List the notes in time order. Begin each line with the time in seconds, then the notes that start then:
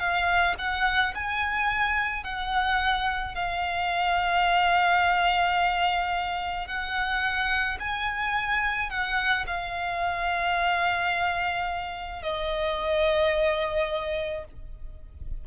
0.00 F5
0.59 F#5
1.15 G#5
2.24 F#5
3.35 F5
6.68 F#5
7.80 G#5
8.90 F#5
9.47 F5
12.23 D#5